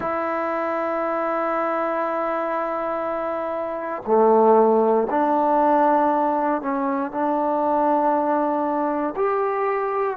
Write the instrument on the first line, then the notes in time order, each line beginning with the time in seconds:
trombone
0.00 E4
4.05 A3
5.10 D4
6.61 C#4
7.11 D4
9.15 G4